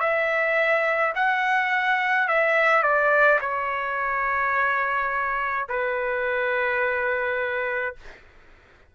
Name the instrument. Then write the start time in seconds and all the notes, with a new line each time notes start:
trumpet
0.00 E5
1.15 F#5
2.28 E5
2.83 D5
3.41 C#5
5.69 B4